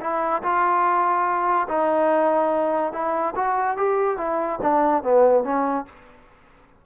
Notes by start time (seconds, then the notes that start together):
0.00 E4
0.42 F4
1.68 D#4
2.92 E4
3.35 F#4
3.77 G4
4.17 E4
4.62 D4
5.03 B3
5.43 C#4